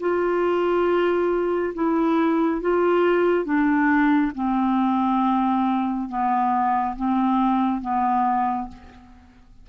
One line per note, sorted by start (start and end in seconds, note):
0.00 1.74 F4
1.74 2.61 E4
2.62 3.45 F4
3.45 4.32 D4
4.35 6.09 C4
6.09 6.96 B3
6.96 7.81 C4
7.81 8.68 B3